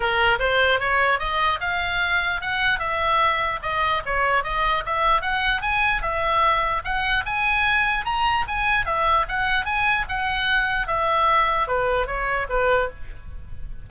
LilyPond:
\new Staff \with { instrumentName = "oboe" } { \time 4/4 \tempo 4 = 149 ais'4 c''4 cis''4 dis''4 | f''2 fis''4 e''4~ | e''4 dis''4 cis''4 dis''4 | e''4 fis''4 gis''4 e''4~ |
e''4 fis''4 gis''2 | ais''4 gis''4 e''4 fis''4 | gis''4 fis''2 e''4~ | e''4 b'4 cis''4 b'4 | }